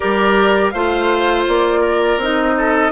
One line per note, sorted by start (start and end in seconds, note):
0.00 0.73 G3
0.00 0.73 G4
0.00 0.73 A#4
0.00 0.70 D5
0.70 1.46 A3
0.70 2.20 F4
0.70 1.80 C5
0.70 1.43 F5
1.48 2.17 A#3
1.48 2.21 D5
1.80 2.53 A#4
2.17 2.90 C4
2.17 2.92 D#4
2.17 2.92 D#5
2.57 2.92 A4